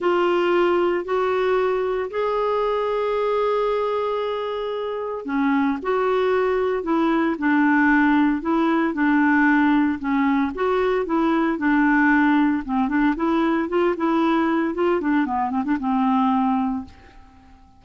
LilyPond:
\new Staff \with { instrumentName = "clarinet" } { \time 4/4 \tempo 4 = 114 f'2 fis'2 | gis'1~ | gis'2 cis'4 fis'4~ | fis'4 e'4 d'2 |
e'4 d'2 cis'4 | fis'4 e'4 d'2 | c'8 d'8 e'4 f'8 e'4. | f'8 d'8 b8 c'16 d'16 c'2 | }